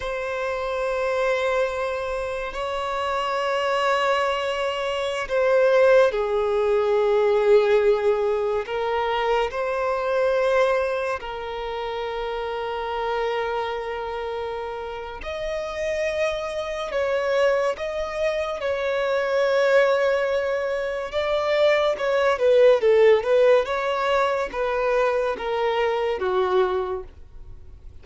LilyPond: \new Staff \with { instrumentName = "violin" } { \time 4/4 \tempo 4 = 71 c''2. cis''4~ | cis''2~ cis''16 c''4 gis'8.~ | gis'2~ gis'16 ais'4 c''8.~ | c''4~ c''16 ais'2~ ais'8.~ |
ais'2 dis''2 | cis''4 dis''4 cis''2~ | cis''4 d''4 cis''8 b'8 a'8 b'8 | cis''4 b'4 ais'4 fis'4 | }